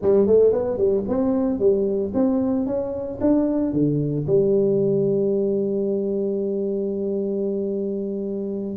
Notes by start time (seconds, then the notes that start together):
0.01 G3
0.26 A3
0.52 B3
0.77 G3
1.08 C4
1.59 G3
2.14 C4
2.66 C#4
3.20 D4
3.72 D3
4.26 G3